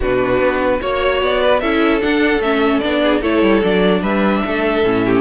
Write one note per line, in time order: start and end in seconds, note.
0.00 0.39 B2
0.00 0.81 D4
0.00 0.79 F#4
0.00 0.81 B4
0.39 0.80 B3
0.81 1.21 A#3
0.81 1.62 F#4
0.81 1.22 C#5
0.81 1.42 C#5
1.21 1.61 B3
1.21 1.59 D5
1.42 1.60 B4
1.59 2.02 C#4
1.59 2.00 E4
1.59 3.01 A4
1.59 2.00 E5
2.00 2.40 D4
2.00 2.39 D4
2.00 2.41 F#5
2.39 2.79 A3
2.39 2.82 C#4
2.39 2.79 E5
2.79 3.22 B3
2.79 3.22 D4
2.79 3.19 D5
3.03 3.20 G#4
3.20 3.42 A3
3.20 3.62 E4
3.20 4.01 A4
3.20 3.62 C#5
3.42 3.62 G3
3.62 4.02 F#3
3.62 4.84 D4
3.62 4.02 D5
4.01 4.42 G3
4.01 4.41 B4
4.01 5.20 E5
4.46 4.83 A3
4.46 5.05 A4
4.83 5.20 A2
4.83 5.20 C#4
5.05 5.20 G4